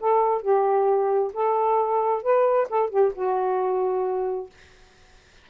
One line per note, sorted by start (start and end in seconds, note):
0.00 0.42 A4
0.42 1.32 G4
1.33 2.23 A4
2.23 2.68 B4
2.70 2.90 A4
2.90 3.12 G4
3.15 4.50 F#4